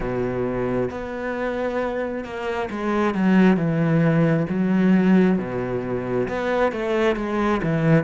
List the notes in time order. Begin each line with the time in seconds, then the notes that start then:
0.00 B2
0.90 B3
2.24 A#3
2.70 G#3
3.14 F#3
3.56 E3
4.49 F#3
5.38 B2
6.28 B3
6.72 A3
7.16 G#3
7.62 E3